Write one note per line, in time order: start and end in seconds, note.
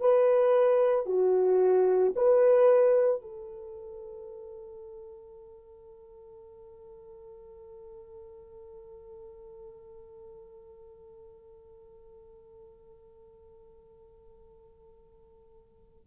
0.00 1.06 B4
1.06 2.13 F#4
2.16 3.21 B4
3.21 16.07 A4